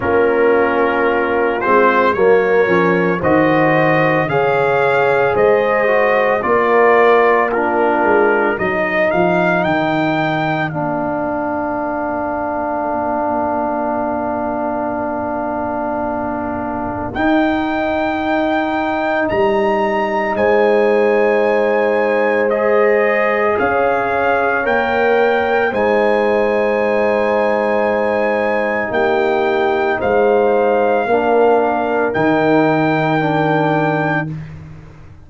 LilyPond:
<<
  \new Staff \with { instrumentName = "trumpet" } { \time 4/4 \tempo 4 = 56 ais'4. c''8 cis''4 dis''4 | f''4 dis''4 d''4 ais'4 | dis''8 f''8 g''4 f''2~ | f''1 |
g''2 ais''4 gis''4~ | gis''4 dis''4 f''4 g''4 | gis''2. g''4 | f''2 g''2 | }
  \new Staff \with { instrumentName = "horn" } { \time 4/4 f'2 ais'4 c''4 | cis''4 c''4 ais'4 f'4 | ais'1~ | ais'1~ |
ais'2. c''4~ | c''2 cis''2 | c''2. g'4 | c''4 ais'2. | }
  \new Staff \with { instrumentName = "trombone" } { \time 4/4 cis'4. c'8 ais8 cis'8 fis'4 | gis'4. fis'8 f'4 d'4 | dis'2 d'2~ | d'1 |
dis'1~ | dis'4 gis'2 ais'4 | dis'1~ | dis'4 d'4 dis'4 d'4 | }
  \new Staff \with { instrumentName = "tuba" } { \time 4/4 ais4. gis8 fis8 f8 dis4 | cis4 gis4 ais4. gis8 | fis8 f8 dis4 ais2~ | ais1 |
dis'2 g4 gis4~ | gis2 cis'4 ais4 | gis2. ais4 | gis4 ais4 dis2 | }
>>